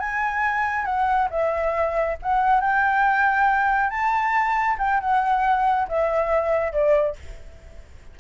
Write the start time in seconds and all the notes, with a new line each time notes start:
0.00 G#5
0.86 F#5
1.31 E5
2.23 F#5
2.61 G5
3.90 A5
4.79 G5
5.01 F#5
5.89 E5
6.73 D5